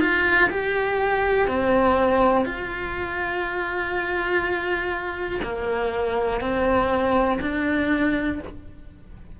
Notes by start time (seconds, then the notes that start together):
0.00 F4
0.50 G4
1.47 C4
2.45 F4
5.43 A#3
6.41 C4
7.41 D4